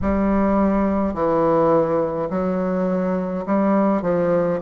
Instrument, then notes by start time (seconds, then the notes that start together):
bassoon
0.01 G3
1.13 E3
2.30 F#3
3.46 G3
4.01 F3